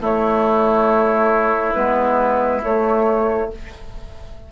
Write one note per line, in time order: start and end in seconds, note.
0.00 1.74 A3
0.00 3.48 E4
0.00 1.74 C#5
1.74 2.63 G#3
1.74 2.61 B3
1.74 2.61 B4
2.63 3.50 A3
2.63 3.52 A3
2.63 3.50 C#5